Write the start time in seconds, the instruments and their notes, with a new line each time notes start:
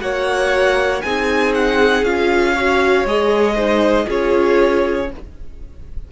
0.00 cello A#3, viola F#4, violin C#5 F#5
1.02 cello C4, viola D#4, violin G#4 G#5
1.55 violin F#5
2.04 cello C#4, viola F4, violin F5
2.53 viola F#4, violin C#5
3.06 cello G#3, viola G#4, violin D#5
3.56 viola D#4, violin C5
4.07 cello C#4, viola F4, violin G#4 C#5